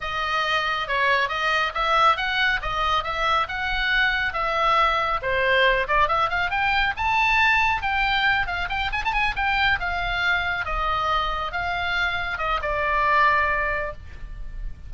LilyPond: \new Staff \with { instrumentName = "oboe" } { \time 4/4 \tempo 4 = 138 dis''2 cis''4 dis''4 | e''4 fis''4 dis''4 e''4 | fis''2 e''2 | c''4. d''8 e''8 f''8 g''4 |
a''2 g''4. f''8 | g''8 gis''16 a''16 gis''8 g''4 f''4.~ | f''8 dis''2 f''4.~ | f''8 dis''8 d''2. | }